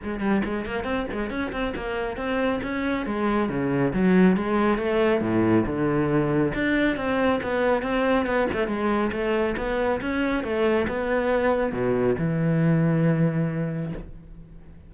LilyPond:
\new Staff \with { instrumentName = "cello" } { \time 4/4 \tempo 4 = 138 gis8 g8 gis8 ais8 c'8 gis8 cis'8 c'8 | ais4 c'4 cis'4 gis4 | cis4 fis4 gis4 a4 | a,4 d2 d'4 |
c'4 b4 c'4 b8 a8 | gis4 a4 b4 cis'4 | a4 b2 b,4 | e1 | }